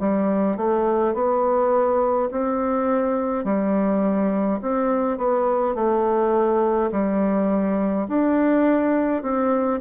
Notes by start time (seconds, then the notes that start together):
0.00 G3
0.57 A3
1.14 B3
2.32 C4
3.45 G3
4.62 C4
5.18 B3
5.75 A3
6.92 G3
8.08 D4
9.23 C4